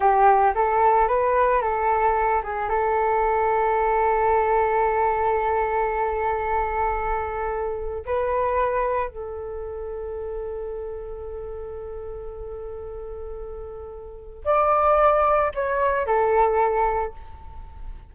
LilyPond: \new Staff \with { instrumentName = "flute" } { \time 4/4 \tempo 4 = 112 g'4 a'4 b'4 a'4~ | a'8 gis'8 a'2.~ | a'1~ | a'2. b'4~ |
b'4 a'2.~ | a'1~ | a'2. d''4~ | d''4 cis''4 a'2 | }